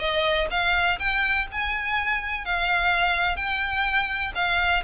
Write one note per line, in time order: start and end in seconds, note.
0.00 0.48 D#5
0.51 0.99 F5
0.99 1.47 G5
1.52 2.46 G#5
2.46 3.37 F5
3.37 4.33 G5
4.35 4.83 F5